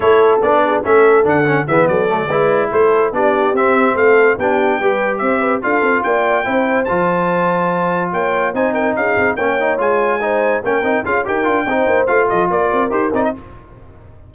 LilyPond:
<<
  \new Staff \with { instrumentName = "trumpet" } { \time 4/4 \tempo 4 = 144 cis''4 d''4 e''4 fis''4 | e''8 d''2 c''4 d''8~ | d''8 e''4 f''4 g''4.~ | g''8 e''4 f''4 g''4.~ |
g''8 a''2. g''8~ | g''8 gis''8 g''8 f''4 g''4 gis''8~ | gis''4. g''4 f''8 g''4~ | g''4 f''8 dis''8 d''4 c''8 d''16 dis''16 | }
  \new Staff \with { instrumentName = "horn" } { \time 4/4 a'4. gis'8 a'2 | gis'8 a'4 b'4 a'4 g'8~ | g'4. a'4 g'4 b'8~ | b'8 c''8 b'8 a'4 d''4 c''8~ |
c''2.~ c''8 cis''8~ | cis''8 c''8 ais'8 gis'4 cis''4.~ | cis''8 c''4 ais'4 gis'8 ais'4 | c''4. a'8 ais'2 | }
  \new Staff \with { instrumentName = "trombone" } { \time 4/4 e'4 d'4 cis'4 d'8 cis'8 | b4 a8 e'2 d'8~ | d'8 c'2 d'4 g'8~ | g'4. f'2 e'8~ |
e'8 f'2.~ f'8~ | f'8 dis'2 cis'8 dis'8 f'8~ | f'8 dis'4 cis'8 dis'8 f'8 g'8 f'8 | dis'4 f'2 g'8 dis'8 | }
  \new Staff \with { instrumentName = "tuba" } { \time 4/4 a4 b4 a4 d4 | e8 fis4 gis4 a4 b8~ | b8 c'4 a4 b4 g8~ | g8 c'4 d'8 c'8 ais4 c'8~ |
c'8 f2. ais8~ | ais8 c'4 cis'8 c'8 ais4 gis8~ | gis4. ais8 c'8 cis'8 dis'8 d'8 | c'8 ais8 a8 f8 ais8 c'8 dis'8 c'8 | }
>>